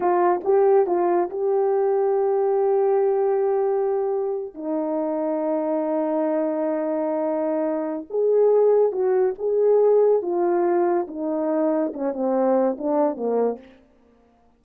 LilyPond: \new Staff \with { instrumentName = "horn" } { \time 4/4 \tempo 4 = 141 f'4 g'4 f'4 g'4~ | g'1~ | g'2~ g'8. dis'4~ dis'16~ | dis'1~ |
dis'2. gis'4~ | gis'4 fis'4 gis'2 | f'2 dis'2 | cis'8 c'4. d'4 ais4 | }